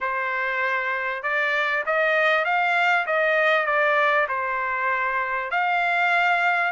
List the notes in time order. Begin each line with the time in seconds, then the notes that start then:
0.00 C5
1.22 D5
1.86 D#5
2.45 F5
3.06 D#5
3.66 D5
4.28 C5
5.50 F5